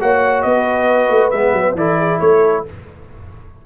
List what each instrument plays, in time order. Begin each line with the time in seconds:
0.00 tuba A#3, trombone F#4, horn C#5, trumpet F#5
0.42 tuba B3, horn B4, trumpet D#5
1.09 tuba A3
1.30 tuba G#3, trombone B3, trumpet E5
1.52 tuba F#3
1.74 tuba E3, trombone E4, horn A4, trumpet D5
1.98 horn G#4
2.20 tuba A3, horn A4, trumpet C#5